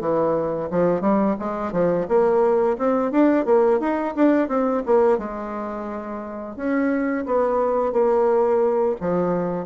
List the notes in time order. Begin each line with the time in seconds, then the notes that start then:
0.00 E3
0.71 F3
1.01 G3
1.39 G#3
1.72 F3
2.08 A#3
2.78 C4
3.11 D4
3.45 A#3
3.80 D#4
4.15 D4
4.48 C4
4.86 A#3
5.18 G#3
6.56 C#4
7.26 B3
7.92 A#3
9.00 F3